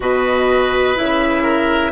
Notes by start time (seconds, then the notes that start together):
0.00 B2 F#4 B4 D#5
0.95 C#3 E4 E5
1.42 A#4